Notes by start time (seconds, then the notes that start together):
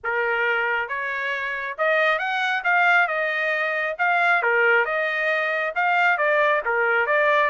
0.03 A#4
0.88 C#5
1.78 D#5
2.18 F#5
2.64 F5
3.07 D#5
3.98 F5
4.42 A#4
4.85 D#5
5.75 F5
6.17 D5
6.65 A#4
7.06 D5